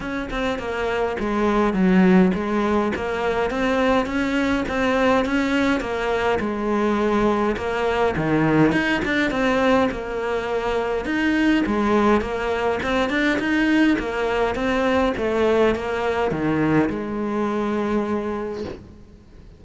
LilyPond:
\new Staff \with { instrumentName = "cello" } { \time 4/4 \tempo 4 = 103 cis'8 c'8 ais4 gis4 fis4 | gis4 ais4 c'4 cis'4 | c'4 cis'4 ais4 gis4~ | gis4 ais4 dis4 dis'8 d'8 |
c'4 ais2 dis'4 | gis4 ais4 c'8 d'8 dis'4 | ais4 c'4 a4 ais4 | dis4 gis2. | }